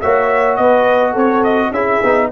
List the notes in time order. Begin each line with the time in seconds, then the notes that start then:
0.00 A#3 F#4 C#5 E5
0.56 B3 B4 D#5
1.12 C4 A4 C#5
1.43 D#5
1.70 C#4 E4 G#4 E5
2.03 B3 D#4